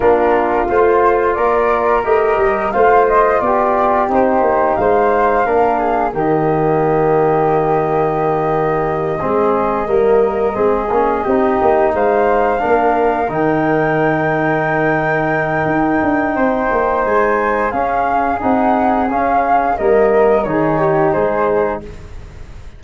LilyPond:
<<
  \new Staff \with { instrumentName = "flute" } { \time 4/4 \tempo 4 = 88 ais'4 c''4 d''4 dis''4 | f''8 dis''8 d''4 c''4 f''4~ | f''4 dis''2.~ | dis''1~ |
dis''4. f''2 g''8~ | g''1~ | g''4 gis''4 f''4 fis''4 | f''4 dis''4 cis''4 c''4 | }
  \new Staff \with { instrumentName = "flute" } { \time 4/4 f'2 ais'2 | c''4 g'2 c''4 | ais'8 gis'8 g'2.~ | g'4. gis'4 ais'4 gis'8~ |
gis'8 g'4 c''4 ais'4.~ | ais'1 | c''2 gis'2~ | gis'4 ais'4 gis'8 g'8 gis'4 | }
  \new Staff \with { instrumentName = "trombone" } { \time 4/4 d'4 f'2 g'4 | f'2 dis'2 | d'4 ais2.~ | ais4. c'4 ais4 c'8 |
cis'8 dis'2 d'4 dis'8~ | dis'1~ | dis'2 cis'4 dis'4 | cis'4 ais4 dis'2 | }
  \new Staff \with { instrumentName = "tuba" } { \time 4/4 ais4 a4 ais4 a8 g8 | a4 b4 c'8 ais8 gis4 | ais4 dis2.~ | dis4. gis4 g4 gis8 |
ais8 c'8 ais8 gis4 ais4 dis8~ | dis2. dis'8 d'8 | c'8 ais8 gis4 cis'4 c'4 | cis'4 g4 dis4 gis4 | }
>>